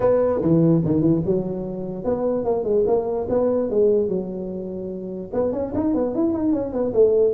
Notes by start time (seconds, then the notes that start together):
0.00 B3
0.41 E3
0.84 D#3
1.01 E3
1.25 F#3
2.04 B3
2.44 A#3
2.63 G#3
2.86 A#3
3.29 B3
3.69 G#3
4.08 F#3
5.33 B3
5.52 C#4
5.74 D#4
5.94 B3
6.14 E4
6.33 D#4
6.52 C#4
6.72 B3
6.93 A3